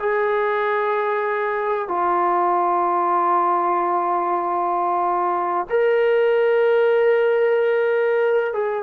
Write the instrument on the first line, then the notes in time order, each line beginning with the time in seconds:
trombone
0.00 G#4
1.88 F4
5.70 A#4
8.53 G#4